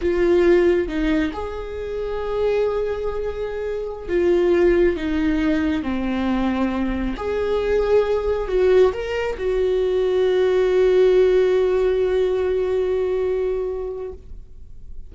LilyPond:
\new Staff \with { instrumentName = "viola" } { \time 4/4 \tempo 4 = 136 f'2 dis'4 gis'4~ | gis'1~ | gis'4~ gis'16 f'2 dis'8.~ | dis'4~ dis'16 c'2~ c'8.~ |
c'16 gis'2. fis'8.~ | fis'16 ais'4 fis'2~ fis'8.~ | fis'1~ | fis'1 | }